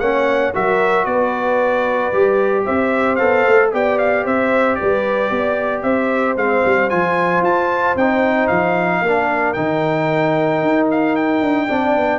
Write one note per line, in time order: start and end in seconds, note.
0.00 0.54 A#3
0.00 0.54 C#4
0.00 0.54 C#5
0.00 0.53 F#5
0.54 1.06 F#3
0.54 2.13 F#4
0.54 1.08 A#4
0.54 1.06 E5
1.06 2.12 B3
1.06 2.65 B4
1.06 2.65 D5
2.13 2.66 G3
2.13 3.19 G4
2.65 3.22 C4
2.65 3.71 C5
2.65 3.16 E5
3.16 3.47 B3
3.16 3.72 A4
3.16 3.69 F5
3.47 3.74 A3
3.73 4.26 B3
3.73 6.38 G4
3.73 4.25 D5
3.73 3.99 G5
3.99 4.25 F5
4.25 4.79 C4
4.25 4.78 C5
4.25 4.76 E5
4.76 5.33 B4
4.76 5.82 D5
4.82 5.31 G3
5.31 5.84 B3
5.31 5.85 D5
5.83 6.36 C4
5.83 9.03 C5
5.83 6.36 E5
6.36 6.63 G#3
6.36 6.90 C4
6.36 6.90 F5
6.66 6.92 G3
6.90 7.42 F3
6.90 7.96 F4
6.90 7.43 G#5
7.42 7.95 F4
7.42 7.97 A5
7.96 8.49 C4
7.96 9.06 D#4
7.96 8.48 G5
8.48 9.02 F3
8.48 9.54 F5
9.02 9.55 A#3
9.02 9.56 D4
9.02 11.68 A#4
9.54 10.63 D#3
9.54 11.69 D#4
9.54 10.86 G5
10.63 11.42 D#4
10.91 11.16 F5
11.16 12.20 G5
11.42 11.68 D4
11.68 11.97 C4
11.68 12.20 D4
11.68 12.20 D5
11.97 12.20 B3